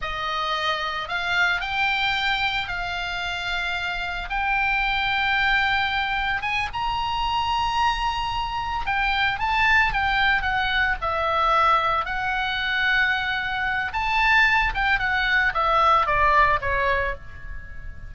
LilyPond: \new Staff \with { instrumentName = "oboe" } { \time 4/4 \tempo 4 = 112 dis''2 f''4 g''4~ | g''4 f''2. | g''1 | gis''8 ais''2.~ ais''8~ |
ais''8 g''4 a''4 g''4 fis''8~ | fis''8 e''2 fis''4.~ | fis''2 a''4. g''8 | fis''4 e''4 d''4 cis''4 | }